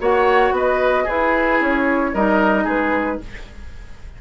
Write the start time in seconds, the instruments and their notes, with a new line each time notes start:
0.00 bassoon A#3, clarinet F#4, oboe C#5, flute F#5
0.51 bassoon B3, oboe B4
0.58 flute D#5
1.04 clarinet E4, bassoon E4, oboe G#4, flute B4
1.61 bassoon C#4, flute C#5
2.14 bassoon G3, clarinet D#4, oboe A#4, flute D#5
2.64 bassoon G#3, oboe G#4, flute B4